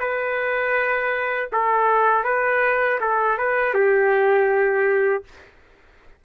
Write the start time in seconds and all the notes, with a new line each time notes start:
0.00 B4
1.52 A4
2.24 B4
3.01 A4
3.39 B4
3.74 G4